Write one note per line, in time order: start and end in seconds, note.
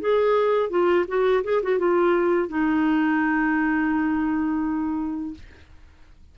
0.00 0.69 G#4
0.69 1.05 F4
1.08 1.44 F#4
1.44 1.62 G#4
1.62 1.79 F#4
1.79 2.48 F4
2.48 5.34 D#4